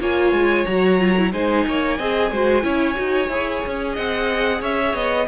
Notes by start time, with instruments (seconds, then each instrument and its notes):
0.00 cello A#3, viola F4, violin C#5 G#5
0.32 cello G#3
0.66 cello F#3, viola F#4, violin A#5
0.98 viola F4
1.18 viola E4
1.32 cello G#3, viola D#4, violin C5 G#5
1.67 cello A#3, violin C#5
1.98 cello C4, viola G#4, violin D#5
2.31 cello G#3, viola F#4, violin C5
2.62 cello C#4, viola E4, violin C#5
2.95 cello D#4, viola F#4
3.29 cello E4, viola G#4
3.67 cello C#4
3.93 cello C4, violin D#5 F#5
4.61 cello C#4, violin C#5 E5
4.94 cello B3, violin D#5